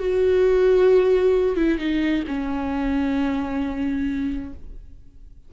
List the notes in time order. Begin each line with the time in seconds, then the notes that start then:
0.00 F#4
1.57 E4
1.79 D#4
2.28 C#4